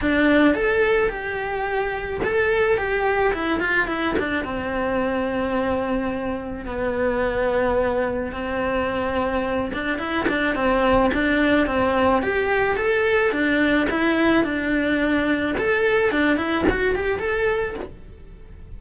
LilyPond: \new Staff \with { instrumentName = "cello" } { \time 4/4 \tempo 4 = 108 d'4 a'4 g'2 | a'4 g'4 e'8 f'8 e'8 d'8 | c'1 | b2. c'4~ |
c'4. d'8 e'8 d'8 c'4 | d'4 c'4 g'4 a'4 | d'4 e'4 d'2 | a'4 d'8 e'8 fis'8 g'8 a'4 | }